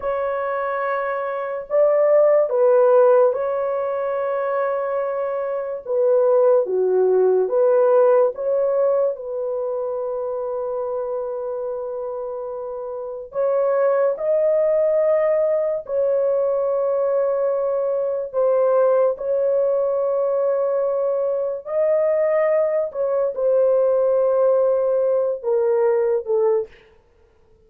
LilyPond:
\new Staff \with { instrumentName = "horn" } { \time 4/4 \tempo 4 = 72 cis''2 d''4 b'4 | cis''2. b'4 | fis'4 b'4 cis''4 b'4~ | b'1 |
cis''4 dis''2 cis''4~ | cis''2 c''4 cis''4~ | cis''2 dis''4. cis''8 | c''2~ c''8 ais'4 a'8 | }